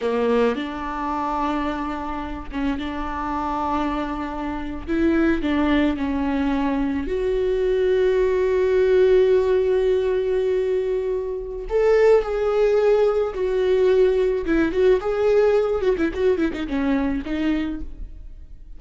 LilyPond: \new Staff \with { instrumentName = "viola" } { \time 4/4 \tempo 4 = 108 ais4 d'2.~ | d'8 cis'8 d'2.~ | d'8. e'4 d'4 cis'4~ cis'16~ | cis'8. fis'2.~ fis'16~ |
fis'1~ | fis'4 a'4 gis'2 | fis'2 e'8 fis'8 gis'4~ | gis'8 fis'16 e'16 fis'8 e'16 dis'16 cis'4 dis'4 | }